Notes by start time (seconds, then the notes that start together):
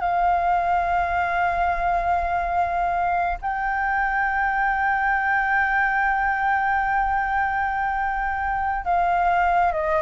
0.00 F5
3.41 G5
8.85 F5
9.72 D#5